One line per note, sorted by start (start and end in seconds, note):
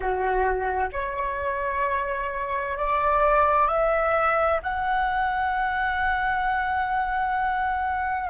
0.00 0.89 F#4
0.92 2.77 C#5
2.77 3.68 D5
3.68 4.60 E5
4.62 8.29 F#5